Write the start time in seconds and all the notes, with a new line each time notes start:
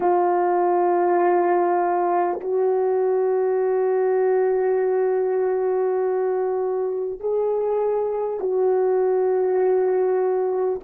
0.00 F4
2.40 F#4
7.19 G#4
8.40 F#4